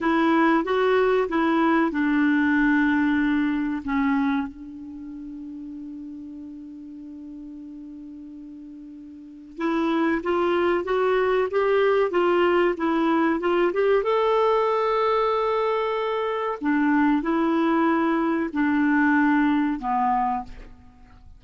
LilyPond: \new Staff \with { instrumentName = "clarinet" } { \time 4/4 \tempo 4 = 94 e'4 fis'4 e'4 d'4~ | d'2 cis'4 d'4~ | d'1~ | d'2. e'4 |
f'4 fis'4 g'4 f'4 | e'4 f'8 g'8 a'2~ | a'2 d'4 e'4~ | e'4 d'2 b4 | }